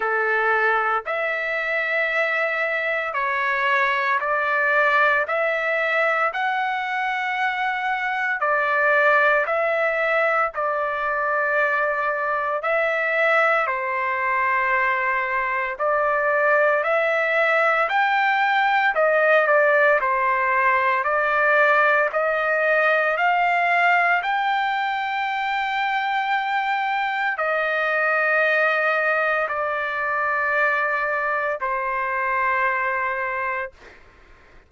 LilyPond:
\new Staff \with { instrumentName = "trumpet" } { \time 4/4 \tempo 4 = 57 a'4 e''2 cis''4 | d''4 e''4 fis''2 | d''4 e''4 d''2 | e''4 c''2 d''4 |
e''4 g''4 dis''8 d''8 c''4 | d''4 dis''4 f''4 g''4~ | g''2 dis''2 | d''2 c''2 | }